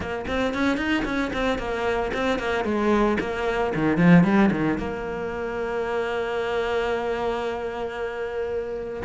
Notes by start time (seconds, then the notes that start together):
0.00 A#3
0.27 C4
0.54 C#4
0.77 D#4
1.05 C#4
1.33 C4
1.58 A#3
2.13 C4
2.38 A#3
2.64 G#3
3.20 A#3
3.75 D#3
3.97 F3
4.23 G3
4.51 D#3
4.78 A#3